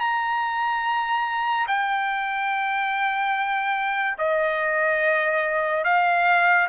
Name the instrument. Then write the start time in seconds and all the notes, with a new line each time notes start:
trumpet
0.00 A#5
1.68 G5
4.19 D#5
5.84 F5